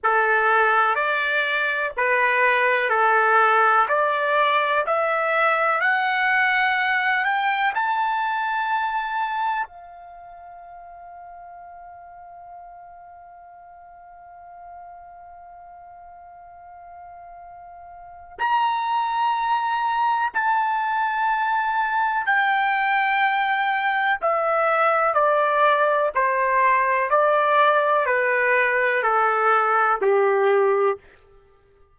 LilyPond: \new Staff \with { instrumentName = "trumpet" } { \time 4/4 \tempo 4 = 62 a'4 d''4 b'4 a'4 | d''4 e''4 fis''4. g''8 | a''2 f''2~ | f''1~ |
f''2. ais''4~ | ais''4 a''2 g''4~ | g''4 e''4 d''4 c''4 | d''4 b'4 a'4 g'4 | }